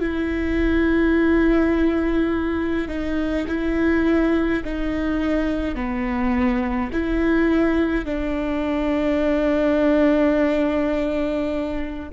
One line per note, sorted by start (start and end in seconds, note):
0.00 2.87 E4
2.87 3.45 D#4
3.47 4.63 E4
4.64 5.75 D#4
5.75 6.90 B3
6.93 8.05 E4
8.05 12.09 D4